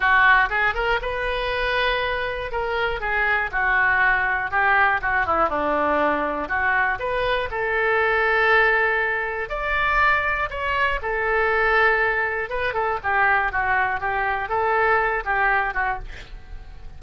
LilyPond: \new Staff \with { instrumentName = "oboe" } { \time 4/4 \tempo 4 = 120 fis'4 gis'8 ais'8 b'2~ | b'4 ais'4 gis'4 fis'4~ | fis'4 g'4 fis'8 e'8 d'4~ | d'4 fis'4 b'4 a'4~ |
a'2. d''4~ | d''4 cis''4 a'2~ | a'4 b'8 a'8 g'4 fis'4 | g'4 a'4. g'4 fis'8 | }